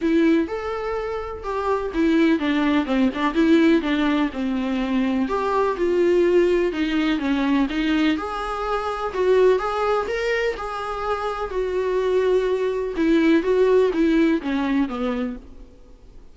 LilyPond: \new Staff \with { instrumentName = "viola" } { \time 4/4 \tempo 4 = 125 e'4 a'2 g'4 | e'4 d'4 c'8 d'8 e'4 | d'4 c'2 g'4 | f'2 dis'4 cis'4 |
dis'4 gis'2 fis'4 | gis'4 ais'4 gis'2 | fis'2. e'4 | fis'4 e'4 cis'4 b4 | }